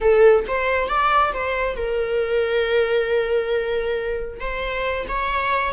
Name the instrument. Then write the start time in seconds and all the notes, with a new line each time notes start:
viola
0.01 A4
0.47 C5
0.88 D5
1.33 C5
1.76 A#4
4.40 C5
5.08 C#5